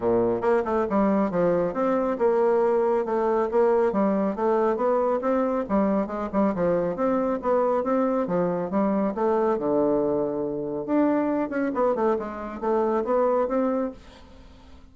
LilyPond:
\new Staff \with { instrumentName = "bassoon" } { \time 4/4 \tempo 4 = 138 ais,4 ais8 a8 g4 f4 | c'4 ais2 a4 | ais4 g4 a4 b4 | c'4 g4 gis8 g8 f4 |
c'4 b4 c'4 f4 | g4 a4 d2~ | d4 d'4. cis'8 b8 a8 | gis4 a4 b4 c'4 | }